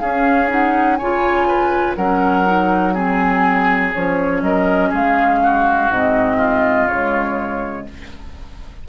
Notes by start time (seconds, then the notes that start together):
0.00 C#4 G#4 F5
0.49 D#4 F#5
0.96 C#3 F4 C#5 G#5
1.48 B4
1.96 F#3 C#4 A#4 F#5
2.47 D#4
2.94 C4 G#4 G#5
3.93 F3 C#4 C#5
4.42 F#3 A#4 D#5
4.90 G#3 G#4 F5
5.44 F#4
5.90 G#2 C4 D#5
6.37 F4
6.86 C#3 G#3 C#5